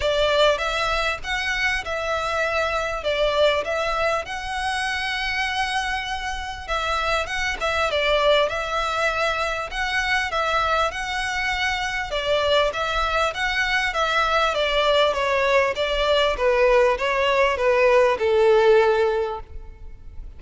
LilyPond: \new Staff \with { instrumentName = "violin" } { \time 4/4 \tempo 4 = 99 d''4 e''4 fis''4 e''4~ | e''4 d''4 e''4 fis''4~ | fis''2. e''4 | fis''8 e''8 d''4 e''2 |
fis''4 e''4 fis''2 | d''4 e''4 fis''4 e''4 | d''4 cis''4 d''4 b'4 | cis''4 b'4 a'2 | }